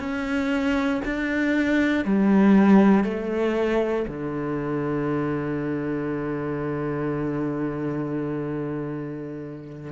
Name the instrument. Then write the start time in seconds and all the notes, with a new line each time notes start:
cello
0.00 C#4
1.05 D4
2.05 G3
3.05 A3
4.08 D3